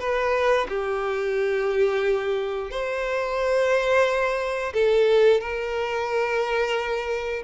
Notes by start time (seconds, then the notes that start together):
0.00 B4
0.69 G4
2.71 C5
4.74 A4
5.41 A#4